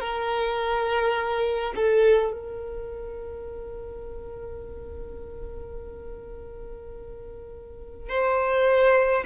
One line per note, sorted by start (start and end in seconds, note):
0.00 1.73 A#4
1.75 2.32 A4
2.32 8.09 A#4
8.09 9.24 C5